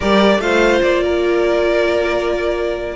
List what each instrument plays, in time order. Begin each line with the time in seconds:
0.00 cello G3, viola G4, violin A#4 D5
0.38 cello A3, viola F4, violin C5 F5
0.82 cello A#3, violin D5
1.03 violin A#4